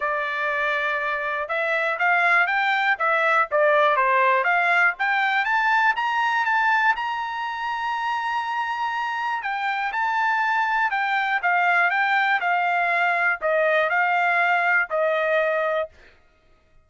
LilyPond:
\new Staff \with { instrumentName = "trumpet" } { \time 4/4 \tempo 4 = 121 d''2. e''4 | f''4 g''4 e''4 d''4 | c''4 f''4 g''4 a''4 | ais''4 a''4 ais''2~ |
ais''2. g''4 | a''2 g''4 f''4 | g''4 f''2 dis''4 | f''2 dis''2 | }